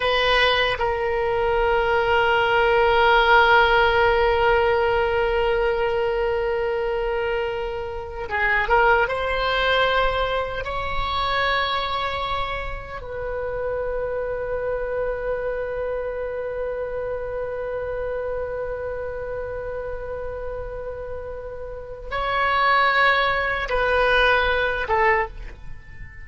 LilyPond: \new Staff \with { instrumentName = "oboe" } { \time 4/4 \tempo 4 = 76 b'4 ais'2.~ | ais'1~ | ais'2~ ais'8 gis'8 ais'8 c''8~ | c''4. cis''2~ cis''8~ |
cis''8 b'2.~ b'8~ | b'1~ | b'1 | cis''2 b'4. a'8 | }